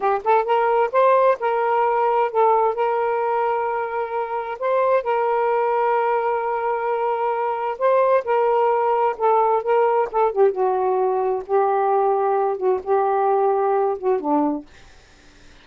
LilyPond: \new Staff \with { instrumentName = "saxophone" } { \time 4/4 \tempo 4 = 131 g'8 a'8 ais'4 c''4 ais'4~ | ais'4 a'4 ais'2~ | ais'2 c''4 ais'4~ | ais'1~ |
ais'4 c''4 ais'2 | a'4 ais'4 a'8 g'8 fis'4~ | fis'4 g'2~ g'8 fis'8 | g'2~ g'8 fis'8 d'4 | }